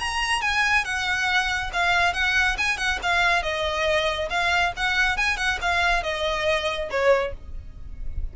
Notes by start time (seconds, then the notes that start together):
0.00 A#5
0.42 G#5
0.85 F#5
1.73 F5
2.14 F#5
2.58 G#5
2.78 F#5
3.03 F5
3.43 D#5
4.30 F5
4.77 F#5
5.17 G#5
5.38 F#5
5.62 F5
6.04 D#5
6.91 C#5